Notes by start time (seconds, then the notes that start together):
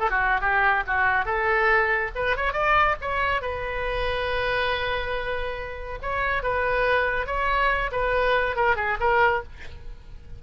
0.00 A4
0.11 F#4
0.41 G4
0.87 F#4
1.25 A4
2.15 B4
2.37 C#5
2.53 D5
3.02 C#5
3.42 B4
6.03 C#5
6.43 B4
7.27 C#5
7.92 B4
8.57 A#4
8.77 G#4
9.01 A#4